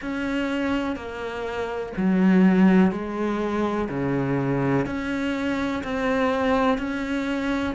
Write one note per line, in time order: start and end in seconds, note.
0.01 0.96 C#4
0.96 1.93 A#3
1.96 2.91 F#3
2.91 3.88 G#3
3.89 4.86 C#3
4.86 5.82 C#4
5.83 6.77 C4
6.77 7.74 C#4